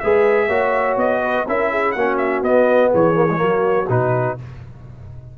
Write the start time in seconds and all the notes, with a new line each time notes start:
0.00 G#3 G#4 B4 E5
0.47 A#3 F#4 C#5
0.96 B3 D#5
1.22 B4
1.47 C#4 E4 A#4 E5
1.71 G#4
1.92 A#3 C#4 F#4 F#5
2.17 E5
2.41 B3 D#5
2.90 E3 G#4 C#5
3.14 A#3
3.30 G#3
3.36 F#3 A#3 F#4
3.89 B2 D#4 B4